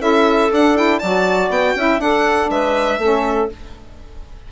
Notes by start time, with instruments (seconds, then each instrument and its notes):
0.00 bassoon C#4, saxophone E4, clarinet A4, violin E5
0.52 bassoon D4, saxophone D4, violin F#5
0.77 saxophone E4, violin G5
0.99 bassoon F#3, saxophone F#4, clarinet D5, violin A5
1.50 bassoon B3, violin G5
1.76 bassoon C#4, saxophone E4, clarinet E5
1.99 bassoon D4, saxophone D4, clarinet A4, violin F#5
2.50 bassoon G#3, clarinet B4, violin E5
2.99 bassoon A3, saxophone C#4, clarinet A4